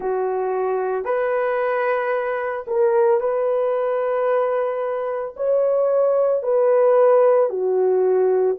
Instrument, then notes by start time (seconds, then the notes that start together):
horn
0.00 F#4
1.04 B4
2.67 A#4
3.20 B4
5.36 C#5
6.42 B4
7.50 F#4